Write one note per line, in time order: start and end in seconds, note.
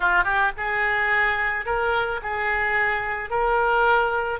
0.00 0.24 F4
0.24 0.51 G4
0.57 1.65 G#4
1.65 2.20 A#4
2.22 3.30 G#4
3.30 4.39 A#4